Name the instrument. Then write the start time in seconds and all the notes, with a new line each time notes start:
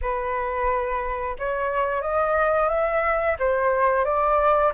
flute
0.01 B4
1.39 C#5
2.01 D#5
2.69 E5
3.39 C5
4.04 D5